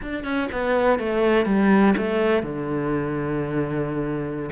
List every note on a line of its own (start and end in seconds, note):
0.02 0.24 D4
0.24 0.48 C#4
0.51 0.99 B3
0.99 1.45 A3
1.45 1.94 G3
1.97 2.43 A3
2.43 4.50 D3